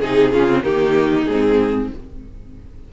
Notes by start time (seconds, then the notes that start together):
0.00 C3 D#4 G#4
0.32 C#3 C#4 F4
0.48 C4
0.63 D#3 A#3 D#4 G4
1.25 G#2 C4 G#4